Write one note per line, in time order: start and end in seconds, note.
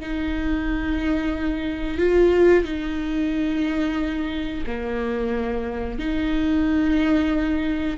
0.00 1.98 D#4
1.98 2.65 F4
2.65 4.65 D#4
4.66 5.99 A#3
5.99 7.98 D#4